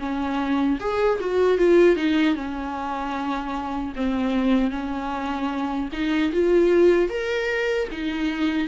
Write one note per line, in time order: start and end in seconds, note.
0.00 0.79 C#4
0.80 1.19 G#4
1.21 1.58 F#4
1.58 1.97 F4
1.97 2.35 D#4
2.35 3.93 C#4
3.96 4.71 C4
4.71 5.89 C#4
5.93 6.32 D#4
6.33 7.09 F4
7.09 7.88 A#4
7.92 8.68 D#4